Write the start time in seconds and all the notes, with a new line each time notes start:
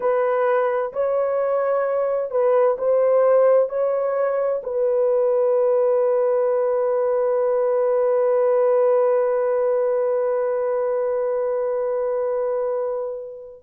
0.00 B4
0.92 C#5
2.30 B4
2.78 C5
3.69 C#5
4.63 B4